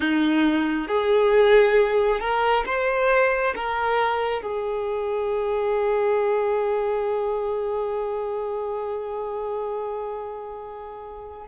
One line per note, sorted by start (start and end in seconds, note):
0.00 0.87 D#4
0.87 2.19 G#4
2.20 2.64 A#4
2.66 3.54 C5
3.55 4.42 A#4
4.42 11.47 G#4